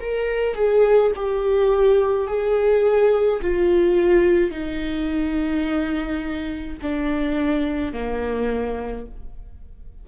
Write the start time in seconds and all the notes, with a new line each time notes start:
0.00 A#4
0.55 G#4
1.15 G4
2.27 G#4
3.41 F4
4.50 D#4
6.81 D4
7.92 A#3